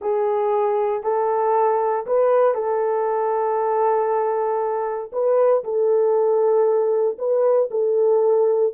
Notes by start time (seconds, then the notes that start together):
0.01 G#4
1.03 A4
2.06 B4
2.54 A4
5.12 B4
5.63 A4
7.18 B4
7.70 A4